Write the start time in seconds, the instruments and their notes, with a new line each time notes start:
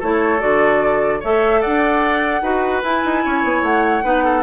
0.00 bassoon A3, clarinet E4, oboe A4, flute C#5
0.40 bassoon D3, clarinet F#4, flute D5
1.20 bassoon A3, clarinet A4, oboe C#5, flute E5
1.61 bassoon D4, oboe D5, flute F#5
2.42 bassoon D#4, clarinet F#4, oboe B4
2.84 bassoon E4, clarinet E4, flute G#5
3.06 bassoon D#4
3.25 bassoon C#4, oboe C#5
3.44 bassoon B3
3.62 bassoon A3, flute F#5
4.04 bassoon B3, clarinet D#4, oboe B4
4.24 oboe A4